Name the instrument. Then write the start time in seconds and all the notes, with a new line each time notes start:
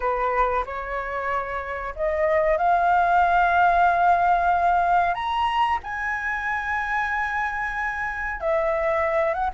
flute
0.00 B4
0.65 C#5
1.95 D#5
2.57 F5
5.14 A#5
5.83 G#5
8.40 E5
9.33 F#5